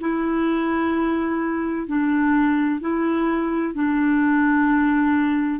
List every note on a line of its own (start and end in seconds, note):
0.00 1.87 E4
1.87 2.80 D4
2.80 3.74 E4
3.74 5.60 D4